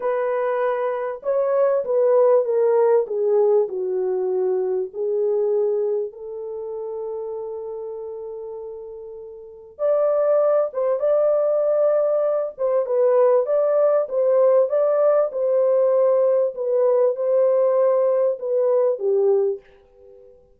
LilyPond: \new Staff \with { instrumentName = "horn" } { \time 4/4 \tempo 4 = 98 b'2 cis''4 b'4 | ais'4 gis'4 fis'2 | gis'2 a'2~ | a'1 |
d''4. c''8 d''2~ | d''8 c''8 b'4 d''4 c''4 | d''4 c''2 b'4 | c''2 b'4 g'4 | }